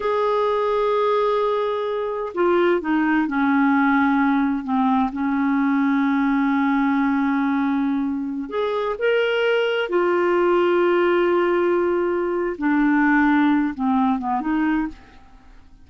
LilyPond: \new Staff \with { instrumentName = "clarinet" } { \time 4/4 \tempo 4 = 129 gis'1~ | gis'4 f'4 dis'4 cis'4~ | cis'2 c'4 cis'4~ | cis'1~ |
cis'2~ cis'16 gis'4 ais'8.~ | ais'4~ ais'16 f'2~ f'8.~ | f'2. d'4~ | d'4. c'4 b8 dis'4 | }